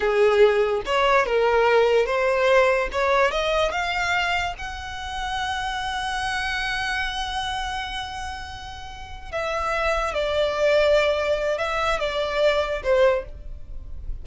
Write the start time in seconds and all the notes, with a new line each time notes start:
0.00 G#4
0.85 C#5
1.25 A#4
2.06 C5
2.92 C#5
3.31 D#5
3.71 F5
4.58 F#5
9.31 E5
10.14 D5
11.58 E5
11.99 D5
12.83 C5